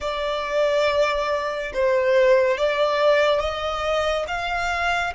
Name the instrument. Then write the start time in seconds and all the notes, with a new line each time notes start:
violin
0.00 D5
1.73 C5
2.57 D5
3.40 D#5
4.27 F5